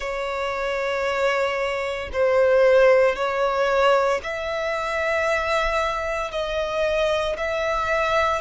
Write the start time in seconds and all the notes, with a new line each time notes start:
0.00 C#5
2.12 C5
3.15 C#5
4.23 E5
6.31 D#5
7.37 E5